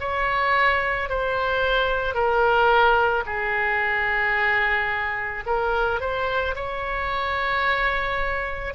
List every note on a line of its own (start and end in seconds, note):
0.00 1.09 C#5
1.09 2.15 C5
2.15 3.24 A#4
3.26 5.44 G#4
5.46 6.00 A#4
6.00 6.55 C5
6.56 8.74 C#5